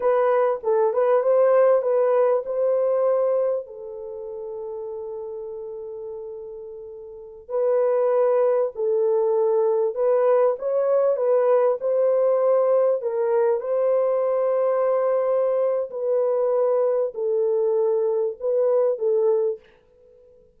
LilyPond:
\new Staff \with { instrumentName = "horn" } { \time 4/4 \tempo 4 = 98 b'4 a'8 b'8 c''4 b'4 | c''2 a'2~ | a'1~ | a'16 b'2 a'4.~ a'16~ |
a'16 b'4 cis''4 b'4 c''8.~ | c''4~ c''16 ais'4 c''4.~ c''16~ | c''2 b'2 | a'2 b'4 a'4 | }